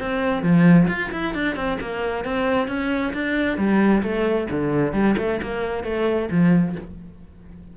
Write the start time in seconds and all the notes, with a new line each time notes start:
0.00 C4
0.43 F3
0.88 F4
1.12 E4
1.35 D4
1.56 C4
1.81 A#3
2.25 C4
2.68 C#4
3.14 D4
3.57 G3
4.03 A3
4.51 D3
4.93 G3
5.18 A3
5.43 A#3
5.84 A3
6.31 F3